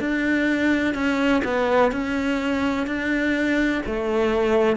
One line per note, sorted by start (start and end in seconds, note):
0.00 0.94 D4
0.94 1.42 C#4
1.45 1.92 B3
1.92 2.87 C#4
2.87 3.82 D4
3.86 4.77 A3